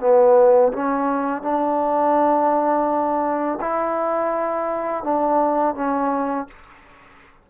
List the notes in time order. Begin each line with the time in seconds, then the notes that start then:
0.00 B3
0.73 C#4
1.43 D4
3.61 E4
5.04 D4
5.75 C#4